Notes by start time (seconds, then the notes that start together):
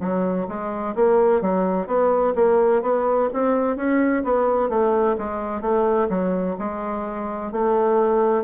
0.00 F#3
0.48 G#3
0.95 A#3
1.41 F#3
1.87 B3
2.35 A#3
2.83 B3
3.33 C4
3.77 C#4
4.24 B3
4.70 A3
5.18 G#3
5.61 A3
6.09 F#3
6.59 G#3
7.52 A3